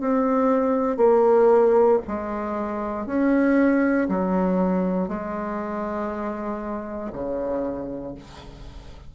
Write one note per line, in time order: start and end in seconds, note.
0.00 0.97 C4
0.97 1.99 A#3
2.07 3.06 G#3
3.06 4.08 C#4
4.09 5.08 F#3
5.08 7.11 G#3
7.13 8.14 C#3